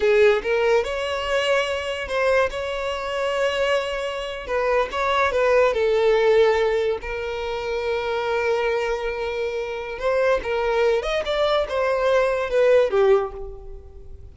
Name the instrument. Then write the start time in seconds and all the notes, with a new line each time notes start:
violin
0.00 G#4
0.43 A#4
0.84 C#5
2.08 C5
2.50 C#5
4.47 B4
4.91 C#5
5.31 B4
5.73 A4
7.01 A#4
9.98 C5
10.43 A#4
11.02 D#5
11.25 D5
11.68 C5
12.49 B4
12.90 G4